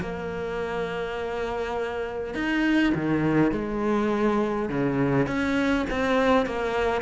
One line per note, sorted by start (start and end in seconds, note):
0.00 2.34 A#3
2.34 2.93 D#4
2.94 3.51 D#3
3.51 4.69 G#3
4.69 5.26 C#3
5.26 5.85 C#4
5.90 6.46 C4
6.46 7.01 A#3